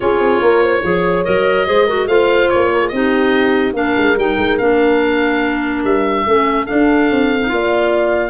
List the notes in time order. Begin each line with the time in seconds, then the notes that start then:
0.00 C#4 F4 G#4 C#5
0.19 C4
0.41 A#3 A#4
0.62 C5
0.83 F3 G#4 C#5
1.24 F#3 A#4 D#5
1.66 G#3 G#4 C5
1.86 F#4 A#4
2.07 A3 F4 C5 F5
2.49 A#3 C#5
2.72 A#4
2.81 G#4
2.88 C4 D#4 G4 D#5
3.73 A#3 D4 A#4 F5
3.97 G#3
4.16 G3 D#4 G5
4.37 G#3
4.58 A#3 D4 F5
5.83 G3 E5
6.26 A3 C#4 A4
6.66 D4 F5
7.10 C4
7.40 D#4
7.48 A#3 F4 D5